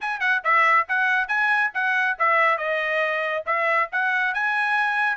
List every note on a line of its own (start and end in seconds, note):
0.00 0.20 G#5
0.20 0.41 F#5
0.44 0.87 E5
0.88 1.27 F#5
1.27 1.71 G#5
1.74 2.17 F#5
2.18 2.57 E5
2.57 3.44 D#5
3.46 3.89 E5
3.92 4.34 F#5
4.34 5.16 G#5